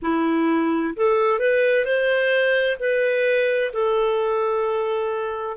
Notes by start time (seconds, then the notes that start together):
0.02 E4
0.96 A4
1.38 B4
1.85 C5
2.79 B4
3.73 A4